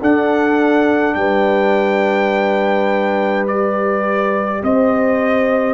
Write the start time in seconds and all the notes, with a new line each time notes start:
0.00 D4 A4 F#5
1.14 G3 B4 G5
3.47 G4 D5
4.63 C4 C5 D#5